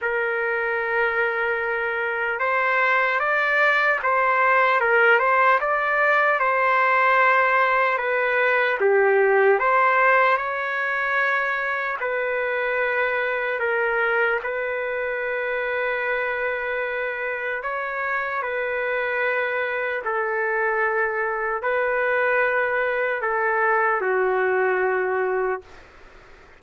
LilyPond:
\new Staff \with { instrumentName = "trumpet" } { \time 4/4 \tempo 4 = 75 ais'2. c''4 | d''4 c''4 ais'8 c''8 d''4 | c''2 b'4 g'4 | c''4 cis''2 b'4~ |
b'4 ais'4 b'2~ | b'2 cis''4 b'4~ | b'4 a'2 b'4~ | b'4 a'4 fis'2 | }